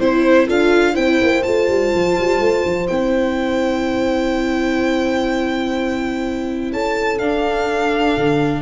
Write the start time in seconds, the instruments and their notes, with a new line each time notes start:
0.00 tuba C4, viola E4, violin C5, horn C5
0.47 tuba D4, viola F4, horn A4, violin F5
0.93 tuba C4, viola E4, horn C5, violin G5
1.22 tuba A#3
1.43 tuba A3, viola F4, violin A5
1.68 tuba G3
1.95 tuba F3
2.19 tuba G3
2.40 tuba A3
2.66 tuba F3
2.88 tuba C4, viola E4, violin G5
6.73 tuba C#4, horn A4, violin A5
7.19 tuba D4, viola D4, violin F5
8.18 tuba D3